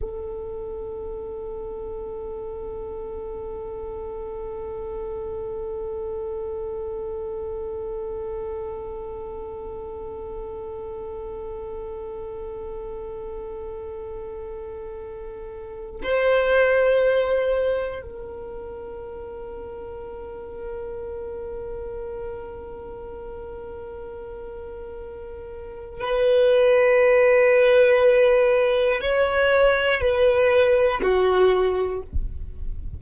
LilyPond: \new Staff \with { instrumentName = "violin" } { \time 4/4 \tempo 4 = 60 a'1~ | a'1~ | a'1~ | a'1 |
c''2 ais'2~ | ais'1~ | ais'2 b'2~ | b'4 cis''4 b'4 fis'4 | }